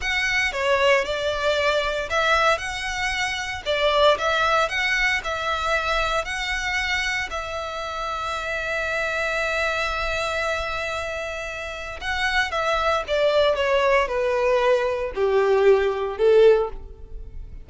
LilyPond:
\new Staff \with { instrumentName = "violin" } { \time 4/4 \tempo 4 = 115 fis''4 cis''4 d''2 | e''4 fis''2 d''4 | e''4 fis''4 e''2 | fis''2 e''2~ |
e''1~ | e''2. fis''4 | e''4 d''4 cis''4 b'4~ | b'4 g'2 a'4 | }